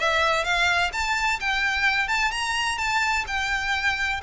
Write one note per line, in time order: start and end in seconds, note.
0.00 0.45 E5
0.45 0.92 F5
0.93 1.40 A5
1.41 2.08 G5
2.08 2.32 A5
2.32 2.78 A#5
2.78 3.25 A5
3.27 4.21 G5